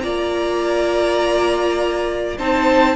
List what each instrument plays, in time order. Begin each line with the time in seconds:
0.00 cello A#3, viola F4, violin D5 A#5
2.37 cello C4, viola D#4, violin C5 A5